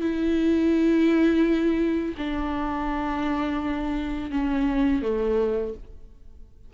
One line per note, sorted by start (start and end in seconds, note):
0.00 2.14 E4
2.17 4.31 D4
4.31 5.02 C#4
5.02 5.73 A3